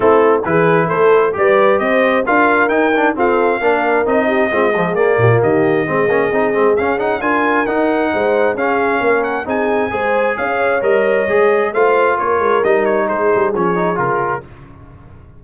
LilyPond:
<<
  \new Staff \with { instrumentName = "trumpet" } { \time 4/4 \tempo 4 = 133 a'4 b'4 c''4 d''4 | dis''4 f''4 g''4 f''4~ | f''4 dis''2 d''4 | dis''2. f''8 fis''8 |
gis''4 fis''2 f''4~ | f''8 fis''8 gis''2 f''4 | dis''2 f''4 cis''4 | dis''8 cis''8 c''4 cis''4 ais'4 | }
  \new Staff \with { instrumentName = "horn" } { \time 4/4 e'4 gis'4 a'4 b'4 | c''4 ais'2 a'4 | ais'4. g'8 f'8 gis'4 g'16 f'16 | g'4 gis'2. |
ais'2 c''4 gis'4 | ais'4 gis'4 c''4 cis''4~ | cis''2 c''4 ais'4~ | ais'4 gis'2. | }
  \new Staff \with { instrumentName = "trombone" } { \time 4/4 c'4 e'2 g'4~ | g'4 f'4 dis'8 d'8 c'4 | d'4 dis'4 c'8 f8 ais4~ | ais4 c'8 cis'8 dis'8 c'8 cis'8 dis'8 |
f'4 dis'2 cis'4~ | cis'4 dis'4 gis'2 | ais'4 gis'4 f'2 | dis'2 cis'8 dis'8 f'4 | }
  \new Staff \with { instrumentName = "tuba" } { \time 4/4 a4 e4 a4 g4 | c'4 d'4 dis'4 f'4 | ais4 c'4 gis4 ais8 ais,8 | dis4 gis8 ais8 c'8 gis8 cis'4 |
d'4 dis'4 gis4 cis'4 | ais4 c'4 gis4 cis'4 | g4 gis4 a4 ais8 gis8 | g4 gis8 g8 f4 cis4 | }
>>